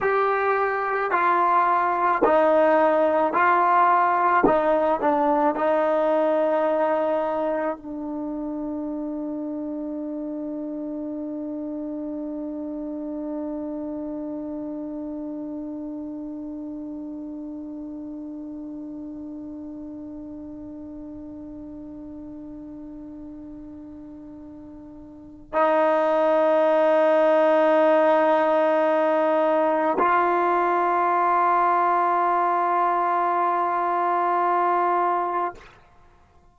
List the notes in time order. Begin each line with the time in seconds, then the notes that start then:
0.00 G4
1.11 F4
2.24 D#4
3.33 F4
4.45 D#4
5.00 D4
5.55 D#4
7.77 D4
25.53 D#4
29.98 F4